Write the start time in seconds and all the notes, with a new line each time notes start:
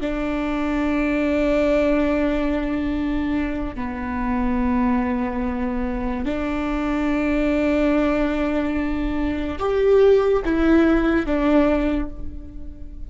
0.00 D4
3.75 B3
6.25 D4
9.59 G4
10.44 E4
11.25 D4